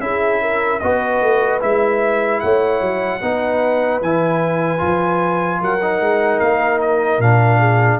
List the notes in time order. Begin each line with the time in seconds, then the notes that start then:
0.00 C#4 E4 G#4 E5
0.42 A#4
0.79 B3 F#4 B4 D#5
1.21 A3
1.61 G#3 E4 E5
2.40 A3 C#5 F#5
2.81 F#3
3.21 B3 D#4 B4
4.02 E3 E4 G#5
4.78 F3 F4
5.61 F#3 A#4 F#5
5.82 D#4
6.01 G#3
6.40 A#3 F5
6.81 D#5
7.19 A#2 D4 F5
7.60 G#4